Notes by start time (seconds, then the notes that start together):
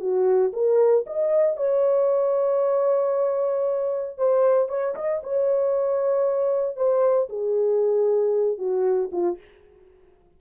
0.00 F#4
0.53 A#4
1.06 D#5
1.57 C#5
4.18 C5
4.69 C#5
4.95 D#5
5.23 C#5
6.76 C5
7.29 G#4
8.58 F#4
9.12 F4